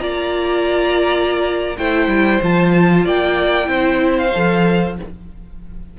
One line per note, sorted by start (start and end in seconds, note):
0.00 1.77 A#3
0.00 1.76 F4
0.00 1.78 D5
0.00 1.76 A#5
1.78 2.08 A3
1.78 2.42 E4
1.78 3.05 C5
1.78 2.41 G5
2.08 2.39 G3
2.42 3.06 F3
2.42 3.64 F4
2.42 3.07 A5
3.05 3.68 A#3
3.05 3.69 D5
3.05 4.17 G5
3.64 4.32 C4
3.64 4.28 E4
3.64 4.97 C5
4.17 4.97 F5
4.34 4.99 F3
4.34 4.98 A4